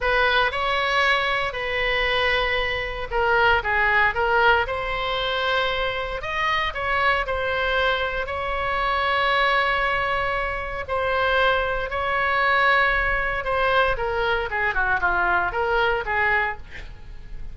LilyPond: \new Staff \with { instrumentName = "oboe" } { \time 4/4 \tempo 4 = 116 b'4 cis''2 b'4~ | b'2 ais'4 gis'4 | ais'4 c''2. | dis''4 cis''4 c''2 |
cis''1~ | cis''4 c''2 cis''4~ | cis''2 c''4 ais'4 | gis'8 fis'8 f'4 ais'4 gis'4 | }